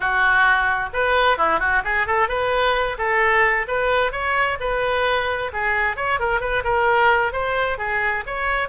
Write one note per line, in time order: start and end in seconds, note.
0.00 0.89 F#4
0.93 1.37 B4
1.37 1.59 E4
1.59 1.82 F#4
1.84 2.06 G#4
2.06 2.28 A4
2.28 2.97 B4
2.98 3.66 A4
3.67 4.12 B4
4.12 4.57 C#5
4.59 5.51 B4
5.52 5.96 G#4
5.96 6.19 C#5
6.19 6.40 A#4
6.40 6.63 B4
6.64 7.32 A#4
7.32 7.78 C5
7.78 8.23 G#4
8.26 8.68 C#5